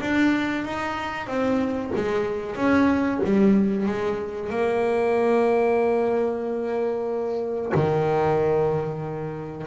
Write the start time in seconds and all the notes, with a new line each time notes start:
0.00 D4
0.64 D#4
1.26 C4
1.95 G#3
2.55 C#4
3.24 G3
3.85 G#3
4.49 A#3
7.74 D#3